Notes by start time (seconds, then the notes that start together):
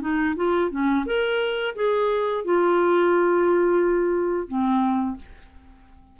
0.00 D#4
0.35 F4
0.70 C#4
1.06 A#4
1.75 G#4
2.44 F4
4.47 C4